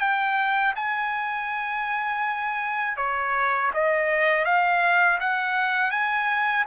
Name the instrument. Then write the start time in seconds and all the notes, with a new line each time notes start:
trumpet
0.00 G5
0.75 G#5
2.97 C#5
3.73 D#5
4.45 F5
5.20 F#5
5.91 G#5